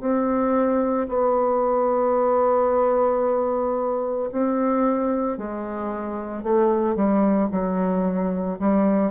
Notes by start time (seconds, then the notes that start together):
0.00 C4
1.08 B3
4.32 C4
5.37 G#3
6.43 A3
6.95 G3
7.51 F#3
8.59 G3